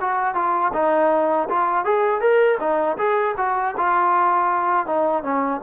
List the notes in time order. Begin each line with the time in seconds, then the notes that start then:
0.00 F#4
0.34 F4
0.73 D#4
1.49 F4
1.84 G#4
2.20 A#4
2.59 D#4
2.97 G#4
3.37 F#4
3.77 F4
4.86 D#4
5.23 C#4